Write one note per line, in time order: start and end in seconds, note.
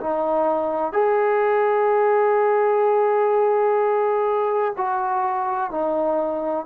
0.00 0.92 D#4
0.92 4.73 G#4
4.77 5.70 F#4
5.70 6.65 D#4